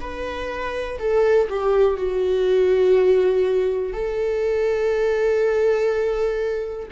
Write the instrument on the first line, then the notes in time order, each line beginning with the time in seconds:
viola
0.00 B4
0.99 A4
1.49 G4
1.97 F#4
3.93 A4